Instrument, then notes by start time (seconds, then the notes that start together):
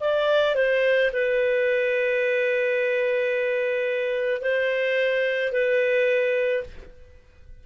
clarinet
0.00 D5
0.55 C5
1.12 B4
4.41 C5
5.52 B4